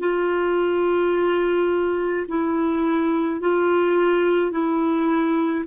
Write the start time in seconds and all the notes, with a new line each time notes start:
0.00 F4
2.28 E4
3.41 F4
4.52 E4